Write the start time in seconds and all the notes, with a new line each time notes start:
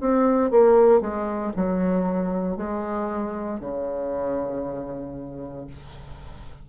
0.00 C4
0.50 A#3
1.00 G#3
1.56 F#3
2.57 G#3
3.60 C#3